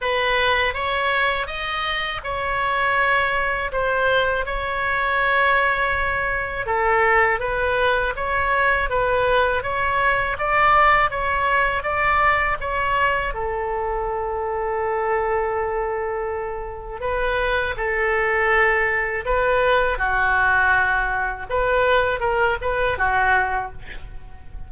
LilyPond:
\new Staff \with { instrumentName = "oboe" } { \time 4/4 \tempo 4 = 81 b'4 cis''4 dis''4 cis''4~ | cis''4 c''4 cis''2~ | cis''4 a'4 b'4 cis''4 | b'4 cis''4 d''4 cis''4 |
d''4 cis''4 a'2~ | a'2. b'4 | a'2 b'4 fis'4~ | fis'4 b'4 ais'8 b'8 fis'4 | }